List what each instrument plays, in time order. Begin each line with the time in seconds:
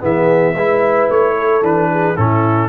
0.00 tuba E3, trombone B3, horn G#4, trumpet E5
0.54 tuba G#3, trombone E4, horn B4
1.09 tuba A3, trumpet C#5
1.37 horn A4
1.62 tuba E3, trombone D4, trumpet B4
1.91 horn G#4
2.17 tuba A2, trombone C#4, horn E4, trumpet A4